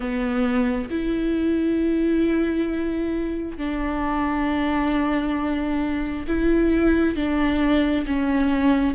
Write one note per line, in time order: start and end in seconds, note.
0.00 0.89 B3
0.90 3.57 E4
3.57 6.26 D4
6.27 7.16 E4
7.16 8.05 D4
8.06 8.95 C#4